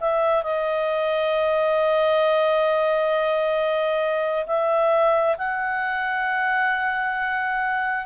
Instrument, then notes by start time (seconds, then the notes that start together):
clarinet
0.00 E5
0.43 D#5
4.47 E5
5.38 F#5